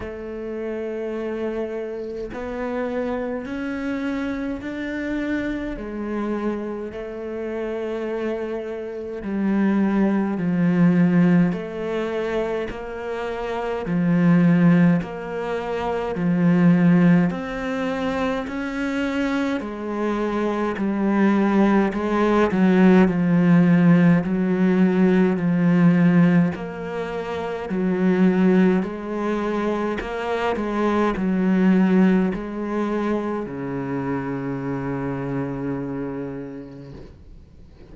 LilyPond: \new Staff \with { instrumentName = "cello" } { \time 4/4 \tempo 4 = 52 a2 b4 cis'4 | d'4 gis4 a2 | g4 f4 a4 ais4 | f4 ais4 f4 c'4 |
cis'4 gis4 g4 gis8 fis8 | f4 fis4 f4 ais4 | fis4 gis4 ais8 gis8 fis4 | gis4 cis2. | }